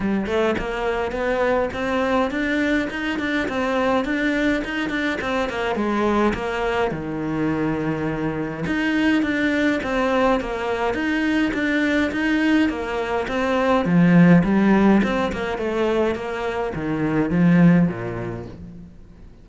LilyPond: \new Staff \with { instrumentName = "cello" } { \time 4/4 \tempo 4 = 104 g8 a8 ais4 b4 c'4 | d'4 dis'8 d'8 c'4 d'4 | dis'8 d'8 c'8 ais8 gis4 ais4 | dis2. dis'4 |
d'4 c'4 ais4 dis'4 | d'4 dis'4 ais4 c'4 | f4 g4 c'8 ais8 a4 | ais4 dis4 f4 ais,4 | }